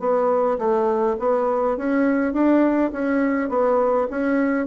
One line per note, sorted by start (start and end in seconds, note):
0.00 0.58 B3
0.59 1.17 A3
1.20 1.77 B3
1.77 2.34 C#4
2.34 2.92 D4
2.93 3.50 C#4
3.50 4.08 B3
4.11 4.67 C#4